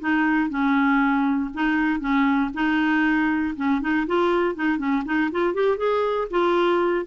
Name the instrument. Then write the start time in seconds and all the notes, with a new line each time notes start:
clarinet
0.00 D#4
0.50 C#4
1.54 D#4
2.00 C#4
2.54 D#4
3.56 C#4
3.81 D#4
4.07 F4
4.55 D#4
4.78 C#4
5.05 D#4
5.31 F4
5.54 G4
5.78 G#4
6.30 F4